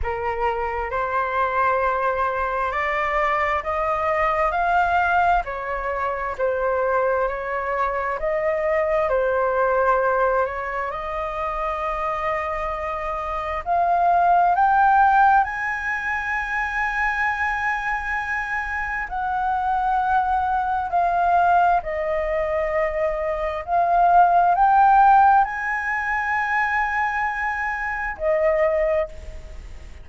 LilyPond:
\new Staff \with { instrumentName = "flute" } { \time 4/4 \tempo 4 = 66 ais'4 c''2 d''4 | dis''4 f''4 cis''4 c''4 | cis''4 dis''4 c''4. cis''8 | dis''2. f''4 |
g''4 gis''2.~ | gis''4 fis''2 f''4 | dis''2 f''4 g''4 | gis''2. dis''4 | }